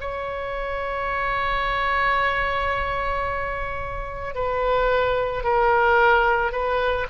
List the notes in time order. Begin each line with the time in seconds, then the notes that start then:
0.00 C#5
4.34 B4
5.43 A#4
6.52 B4